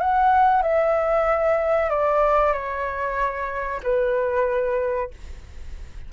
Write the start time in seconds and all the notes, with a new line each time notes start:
0.00 F#5
0.62 E5
1.89 D5
2.53 C#5
3.83 B4